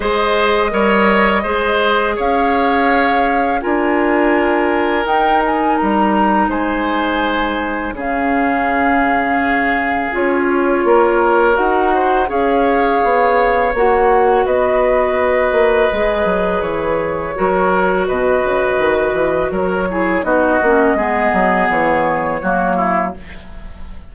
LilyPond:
<<
  \new Staff \with { instrumentName = "flute" } { \time 4/4 \tempo 4 = 83 dis''2. f''4~ | f''4 gis''2 g''8 gis''8 | ais''4 gis''2 f''4~ | f''2 cis''2 |
fis''4 f''2 fis''4 | dis''2. cis''4~ | cis''4 dis''2 cis''4 | dis''2 cis''2 | }
  \new Staff \with { instrumentName = "oboe" } { \time 4/4 c''4 cis''4 c''4 cis''4~ | cis''4 ais'2.~ | ais'4 c''2 gis'4~ | gis'2. ais'4~ |
ais'8 c''8 cis''2. | b'1 | ais'4 b'2 ais'8 gis'8 | fis'4 gis'2 fis'8 e'8 | }
  \new Staff \with { instrumentName = "clarinet" } { \time 4/4 gis'4 ais'4 gis'2~ | gis'4 f'2 dis'4~ | dis'2. cis'4~ | cis'2 f'2 |
fis'4 gis'2 fis'4~ | fis'2 gis'2 | fis'2.~ fis'8 e'8 | dis'8 cis'8 b2 ais4 | }
  \new Staff \with { instrumentName = "bassoon" } { \time 4/4 gis4 g4 gis4 cis'4~ | cis'4 d'2 dis'4 | g4 gis2 cis4~ | cis2 cis'4 ais4 |
dis'4 cis'4 b4 ais4 | b4. ais8 gis8 fis8 e4 | fis4 b,8 cis8 dis8 e8 fis4 | b8 ais8 gis8 fis8 e4 fis4 | }
>>